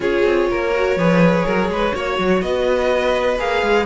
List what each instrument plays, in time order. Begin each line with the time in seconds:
0.00 cello C#4, viola F4, violin G#4 C#5
0.24 cello C4
0.50 cello A#3, violin A#4
0.74 viola F#4
0.96 cello F3, viola G#4, violin B4
1.45 cello F#3, violin A#4
1.68 cello G#3, violin B4
1.92 cello A#3, viola F#4, violin C#5
2.18 cello F#3
2.41 cello B3, violin B4 D#5
3.38 cello A#3, viola G#4, violin F5
3.62 cello G#3